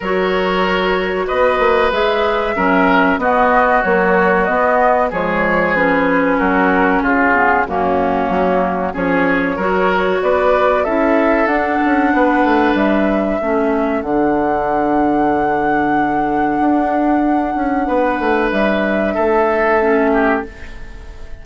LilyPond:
<<
  \new Staff \with { instrumentName = "flute" } { \time 4/4 \tempo 4 = 94 cis''2 dis''4 e''4~ | e''4 dis''4 cis''4 dis''4 | cis''4 b'4 ais'4 gis'4 | fis'2 cis''2 |
d''4 e''4 fis''2 | e''2 fis''2~ | fis''1~ | fis''4 e''2. | }
  \new Staff \with { instrumentName = "oboe" } { \time 4/4 ais'2 b'2 | ais'4 fis'2. | gis'2 fis'4 f'4 | cis'2 gis'4 ais'4 |
b'4 a'2 b'4~ | b'4 a'2.~ | a'1 | b'2 a'4. g'8 | }
  \new Staff \with { instrumentName = "clarinet" } { \time 4/4 fis'2. gis'4 | cis'4 b4 fis4 b4 | gis4 cis'2~ cis'8 b8 | ais2 cis'4 fis'4~ |
fis'4 e'4 d'2~ | d'4 cis'4 d'2~ | d'1~ | d'2. cis'4 | }
  \new Staff \with { instrumentName = "bassoon" } { \time 4/4 fis2 b8 ais8 gis4 | fis4 b4 ais4 b4 | f2 fis4 cis4 | fis,4 fis4 f4 fis4 |
b4 cis'4 d'8 cis'8 b8 a8 | g4 a4 d2~ | d2 d'4. cis'8 | b8 a8 g4 a2 | }
>>